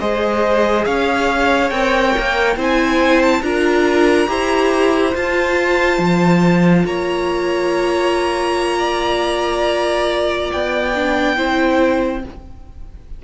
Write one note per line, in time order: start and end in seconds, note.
0.00 0.86 G#3
0.00 1.71 G#4
0.00 0.86 C5
0.00 0.85 D#5
0.85 1.71 C#4
0.85 2.56 C#5
0.85 1.70 F5
1.70 2.14 C4
1.70 2.57 A#4
1.70 2.56 G5
2.18 2.56 A#3
2.56 3.41 C4
2.56 3.43 E4
2.56 3.42 C5
2.56 3.22 G#5
3.22 3.43 A5
3.42 4.28 D4
3.42 4.27 F4
3.42 4.28 A#4
3.42 5.14 A#5
4.27 5.14 E4
4.27 5.13 G4
4.27 6.85 C5
5.13 10.92 F4
5.13 5.99 F4
5.13 6.86 A5
5.99 6.84 F3
6.86 10.50 A#3
6.86 8.79 C#5
6.86 10.51 A#5
8.79 11.36 D5
10.52 11.38 B3
10.52 12.23 G5
10.95 11.36 D4
11.36 12.24 C4
11.36 12.22 E4
11.36 12.22 C5